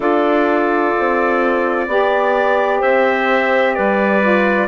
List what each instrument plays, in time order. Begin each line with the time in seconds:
0.00 bassoon D4, saxophone F4, clarinet A4, trumpet D5
0.98 bassoon C4
1.87 bassoon B3, saxophone G4, clarinet D5
2.79 bassoon C4, clarinet C5, trumpet E5
3.74 bassoon G3, clarinet B4, trumpet D5
4.21 saxophone F4